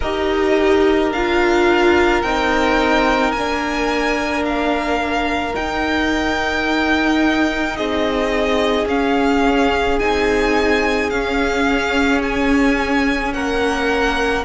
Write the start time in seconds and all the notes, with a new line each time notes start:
0.00 D#4 G4 A#4 D#5
1.11 D4 F4 F5
2.22 C4 D#4 G5
3.31 A#3 D4 G#5
4.45 F5
5.53 D#4 G5
7.76 C4 G#4 D#5
8.86 C#4 F5
9.99 C4 D#4 G#5
11.09 C#4 F5
12.22 G#5
13.33 A#3 A#4 F#5